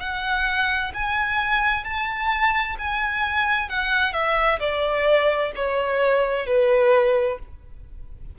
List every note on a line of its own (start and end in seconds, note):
0.00 0.92 F#5
0.94 1.85 G#5
1.85 2.77 A5
2.79 3.69 G#5
3.69 4.13 F#5
4.13 4.59 E5
4.60 5.52 D5
5.56 6.47 C#5
6.47 7.39 B4